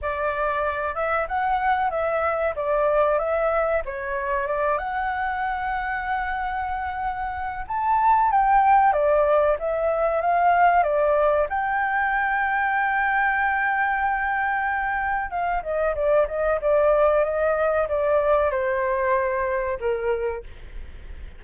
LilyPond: \new Staff \with { instrumentName = "flute" } { \time 4/4 \tempo 4 = 94 d''4. e''8 fis''4 e''4 | d''4 e''4 cis''4 d''8 fis''8~ | fis''1 | a''4 g''4 d''4 e''4 |
f''4 d''4 g''2~ | g''1 | f''8 dis''8 d''8 dis''8 d''4 dis''4 | d''4 c''2 ais'4 | }